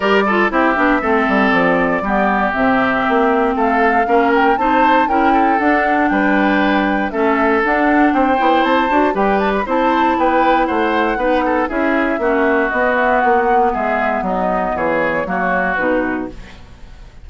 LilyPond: <<
  \new Staff \with { instrumentName = "flute" } { \time 4/4 \tempo 4 = 118 d''4 e''2 d''4~ | d''4 e''2 f''4~ | f''8 g''8 a''4 g''4 fis''4 | g''2 e''4 fis''4 |
g''4 a''4 g''8 a''16 b''16 a''4 | g''4 fis''2 e''4~ | e''4 dis''8 e''8 fis''4 e''4 | dis''4 cis''2 b'4 | }
  \new Staff \with { instrumentName = "oboe" } { \time 4/4 ais'8 a'8 g'4 a'2 | g'2. a'4 | ais'4 c''4 ais'8 a'4. | b'2 a'2 |
c''2 b'4 c''4 | b'4 c''4 b'8 a'8 gis'4 | fis'2. gis'4 | dis'4 gis'4 fis'2 | }
  \new Staff \with { instrumentName = "clarinet" } { \time 4/4 g'8 f'8 e'8 d'8 c'2 | b4 c'2. | cis'4 dis'4 e'4 d'4~ | d'2 cis'4 d'4~ |
d'8 e'4 fis'8 g'4 e'4~ | e'2 dis'4 e'4 | cis'4 b2.~ | b2 ais4 dis'4 | }
  \new Staff \with { instrumentName = "bassoon" } { \time 4/4 g4 c'8 b8 a8 g8 f4 | g4 c4 ais4 a4 | ais4 c'4 cis'4 d'4 | g2 a4 d'4 |
c'8 b8 c'8 d'8 g4 c'4 | b4 a4 b4 cis'4 | ais4 b4 ais4 gis4 | fis4 e4 fis4 b,4 | }
>>